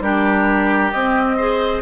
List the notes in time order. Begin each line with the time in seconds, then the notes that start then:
0.00 G3 D4 G4 A#4
0.91 C4 D#5
1.36 G#4 C5